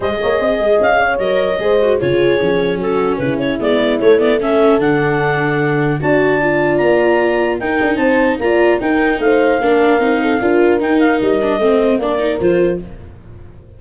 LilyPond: <<
  \new Staff \with { instrumentName = "clarinet" } { \time 4/4 \tempo 4 = 150 dis''2 f''4 dis''4~ | dis''4 cis''2 a'4 | b'8 cis''8 d''4 cis''8 d''8 e''4 | fis''2. a''4~ |
a''4 ais''2 g''4 | a''4 ais''4 g''4 f''4~ | f''2. g''8 f''8 | dis''2 d''4 c''4 | }
  \new Staff \with { instrumentName = "horn" } { \time 4/4 c''8 cis''8 dis''4. cis''4. | c''4 gis'2 fis'4 | e'2. a'4~ | a'2. d''4~ |
d''2. ais'4 | c''4 d''4 ais'4 c''4 | ais'4. a'8 ais'2~ | ais'4 c''4 ais'2 | }
  \new Staff \with { instrumentName = "viola" } { \time 4/4 gis'2. ais'4 | gis'8 fis'8 f'4 cis'2~ | cis'4 b4 a8 b8 cis'4 | d'2. fis'4 |
f'2. dis'4~ | dis'4 f'4 dis'2 | d'4 dis'4 f'4 dis'4~ | dis'8 d'8 c'4 d'8 dis'8 f'4 | }
  \new Staff \with { instrumentName = "tuba" } { \time 4/4 gis8 ais8 c'8 gis8 cis'4 fis4 | gis4 cis4 f4 fis4 | cis4 gis4 a2 | d2. d'4~ |
d'4 ais2 dis'8 d'8 | c'4 ais4 dis'4 a4 | ais4 c'4 d'4 dis'4 | g4 a4 ais4 f4 | }
>>